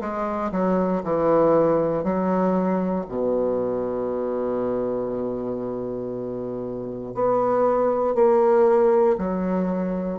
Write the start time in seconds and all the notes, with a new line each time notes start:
0.00 G#3
0.51 F#3
1.03 E3
2.03 F#3
3.08 B2
7.14 B3
8.14 A#3
9.18 F#3